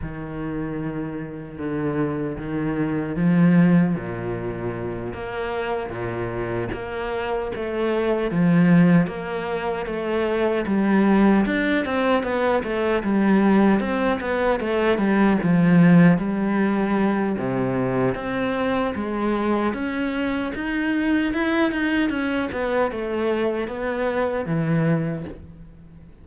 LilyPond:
\new Staff \with { instrumentName = "cello" } { \time 4/4 \tempo 4 = 76 dis2 d4 dis4 | f4 ais,4. ais4 ais,8~ | ais,8 ais4 a4 f4 ais8~ | ais8 a4 g4 d'8 c'8 b8 |
a8 g4 c'8 b8 a8 g8 f8~ | f8 g4. c4 c'4 | gis4 cis'4 dis'4 e'8 dis'8 | cis'8 b8 a4 b4 e4 | }